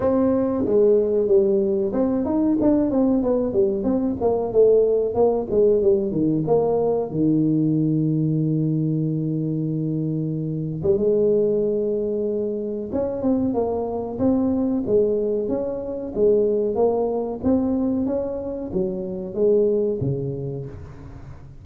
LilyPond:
\new Staff \with { instrumentName = "tuba" } { \time 4/4 \tempo 4 = 93 c'4 gis4 g4 c'8 dis'8 | d'8 c'8 b8 g8 c'8 ais8 a4 | ais8 gis8 g8 dis8 ais4 dis4~ | dis1~ |
dis8. g16 gis2. | cis'8 c'8 ais4 c'4 gis4 | cis'4 gis4 ais4 c'4 | cis'4 fis4 gis4 cis4 | }